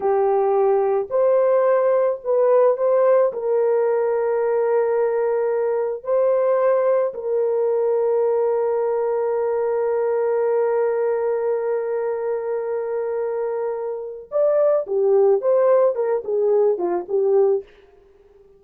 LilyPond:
\new Staff \with { instrumentName = "horn" } { \time 4/4 \tempo 4 = 109 g'2 c''2 | b'4 c''4 ais'2~ | ais'2. c''4~ | c''4 ais'2.~ |
ais'1~ | ais'1~ | ais'2 d''4 g'4 | c''4 ais'8 gis'4 f'8 g'4 | }